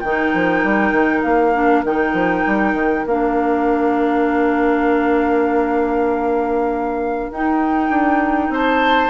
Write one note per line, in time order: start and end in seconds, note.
0.00 0.33 D#3
0.00 1.53 D#4
0.00 8.50 A#4
0.00 1.21 G5
0.34 0.63 F3
0.63 0.91 G3
0.91 1.22 D#3
1.22 1.83 A#3
1.22 1.82 F5
1.53 1.84 D4
1.83 2.13 D#3
1.83 3.06 D#4
1.83 3.06 G5
2.13 2.43 F3
2.46 2.74 G3
2.74 3.04 D#3
3.05 7.30 A#3
3.05 7.33 D4
3.05 7.31 F5
7.31 7.89 D#4
7.31 9.10 D#4
7.31 8.53 G5
7.89 8.49 D4
8.49 9.09 C4
8.49 9.10 C5
8.49 9.10 A5